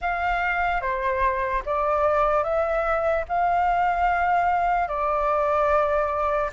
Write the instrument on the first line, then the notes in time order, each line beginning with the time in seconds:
flute
0.01 F5
0.81 C5
1.65 D5
2.43 E5
3.28 F5
4.88 D5